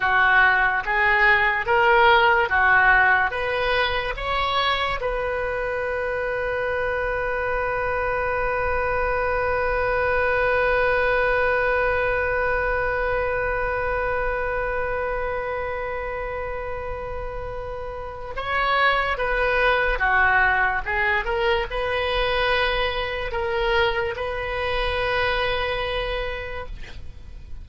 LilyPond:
\new Staff \with { instrumentName = "oboe" } { \time 4/4 \tempo 4 = 72 fis'4 gis'4 ais'4 fis'4 | b'4 cis''4 b'2~ | b'1~ | b'1~ |
b'1~ | b'2 cis''4 b'4 | fis'4 gis'8 ais'8 b'2 | ais'4 b'2. | }